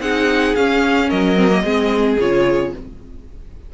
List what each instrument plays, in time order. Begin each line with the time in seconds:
0.00 cello C4, viola D#4, violin G#4 F#5
0.56 cello C#4, viola C#4, violin F5
1.09 cello F#3, violin A#4 D#5
1.36 viola C4
1.49 viola A#3
1.63 cello G#3, viola C4, violin G#4
2.19 cello C#3, viola F4, violin C#5